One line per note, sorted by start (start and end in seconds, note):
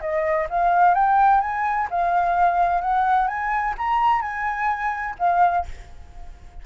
0.00 0.47 D#5
0.49 0.94 F5
0.94 1.41 G5
1.41 1.88 G#5
1.90 2.81 F5
2.81 3.27 F#5
3.27 3.74 G#5
3.78 4.21 A#5
4.21 5.15 G#5
5.19 5.65 F5